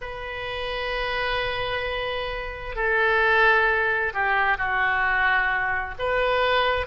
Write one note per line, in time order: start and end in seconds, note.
0.01 2.75 B4
2.75 4.12 A4
4.13 4.57 G4
4.57 5.94 F#4
5.99 6.86 B4